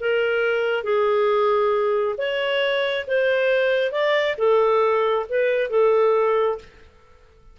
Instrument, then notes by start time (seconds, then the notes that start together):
clarinet
0.00 A#4
0.83 G#4
2.18 C#5
3.07 C5
3.92 D5
4.38 A4
5.29 B4
5.70 A4